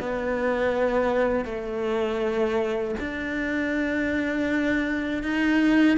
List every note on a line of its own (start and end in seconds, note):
0.00 1.45 B3
1.45 2.95 A3
3.00 5.23 D4
5.23 5.98 D#4